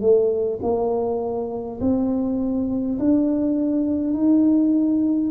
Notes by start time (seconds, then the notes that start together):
0.00 A3
0.61 A#3
1.80 C4
2.98 D4
4.13 D#4